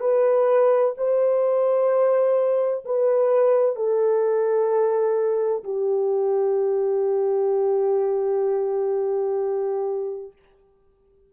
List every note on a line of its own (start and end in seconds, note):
0.00 0.94 B4
0.97 2.84 C5
2.85 3.75 B4
3.75 5.63 A4
5.63 10.32 G4